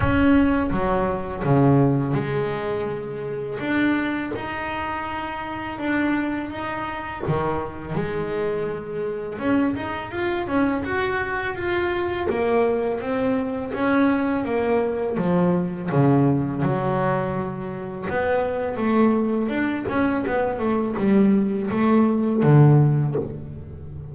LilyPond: \new Staff \with { instrumentName = "double bass" } { \time 4/4 \tempo 4 = 83 cis'4 fis4 cis4 gis4~ | gis4 d'4 dis'2 | d'4 dis'4 dis4 gis4~ | gis4 cis'8 dis'8 f'8 cis'8 fis'4 |
f'4 ais4 c'4 cis'4 | ais4 f4 cis4 fis4~ | fis4 b4 a4 d'8 cis'8 | b8 a8 g4 a4 d4 | }